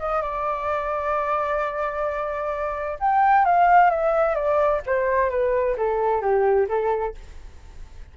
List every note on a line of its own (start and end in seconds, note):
0.00 0.22 D#5
0.22 2.99 D5
3.00 3.46 G5
3.46 3.91 F5
3.91 4.36 E5
4.36 4.82 D5
4.87 5.30 C5
5.30 5.77 B4
5.77 6.22 A4
6.22 6.68 G4
6.69 7.15 A4